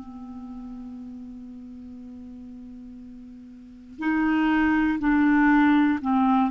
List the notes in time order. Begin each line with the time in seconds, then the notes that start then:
0.00 B3
3.99 D#4
5.00 D4
6.02 C4